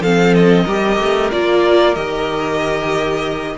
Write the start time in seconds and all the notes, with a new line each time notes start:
0.00 F3 C4 A4 F5
0.34 D#5
0.64 G3 G4 A#4
0.98 A3
1.31 A#3 F4 D5
1.95 D#3 G4 D#5